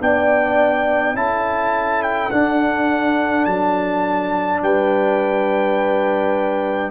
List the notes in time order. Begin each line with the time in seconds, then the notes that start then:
0.00 B3 D4 D5 G5
1.14 C#4 E4 A4 A5
2.03 G5
2.31 D4 F#5
3.45 F#3 A5
4.62 G3 B4 G5